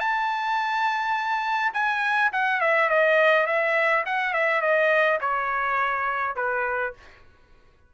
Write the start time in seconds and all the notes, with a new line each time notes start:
0.00 A5
1.74 G#5
2.33 F#5
2.61 E5
2.90 D#5
3.47 E5
4.06 F#5
4.34 E5
4.62 D#5
5.21 C#5
6.36 B4